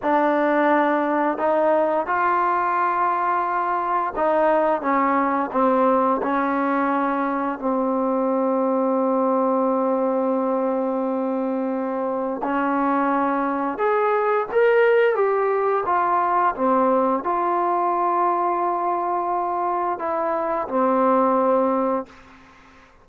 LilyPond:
\new Staff \with { instrumentName = "trombone" } { \time 4/4 \tempo 4 = 87 d'2 dis'4 f'4~ | f'2 dis'4 cis'4 | c'4 cis'2 c'4~ | c'1~ |
c'2 cis'2 | gis'4 ais'4 g'4 f'4 | c'4 f'2.~ | f'4 e'4 c'2 | }